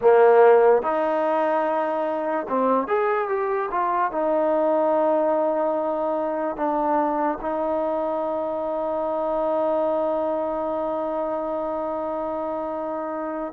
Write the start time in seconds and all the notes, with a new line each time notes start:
0.01 A#3
0.82 D#4
2.48 C4
2.87 G#4
3.28 G4
3.71 F4
4.11 D#4
6.56 D4
7.41 D#4